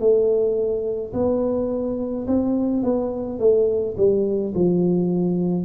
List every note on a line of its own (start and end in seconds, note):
0.00 1.13 A3
1.13 2.26 B3
2.27 2.83 C4
2.83 3.40 B3
3.40 3.96 A3
3.97 4.54 G3
4.54 5.65 F3